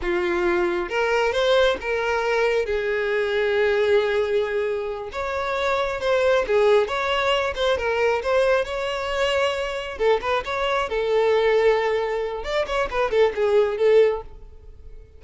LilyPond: \new Staff \with { instrumentName = "violin" } { \time 4/4 \tempo 4 = 135 f'2 ais'4 c''4 | ais'2 gis'2~ | gis'2.~ gis'8 cis''8~ | cis''4. c''4 gis'4 cis''8~ |
cis''4 c''8 ais'4 c''4 cis''8~ | cis''2~ cis''8 a'8 b'8 cis''8~ | cis''8 a'2.~ a'8 | d''8 cis''8 b'8 a'8 gis'4 a'4 | }